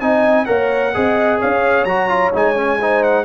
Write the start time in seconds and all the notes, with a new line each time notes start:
0.00 C4 D#4 D#5 G#5
0.45 A#3 A#4 C#5 F#5
0.94 C4 G#4 D#5
1.40 C#4 C#5 F5
1.85 F#3 F#4 A#5
2.09 F4
2.33 G#3 D#4 G#5
2.56 C#4
2.80 D#4 C5
3.03 F#5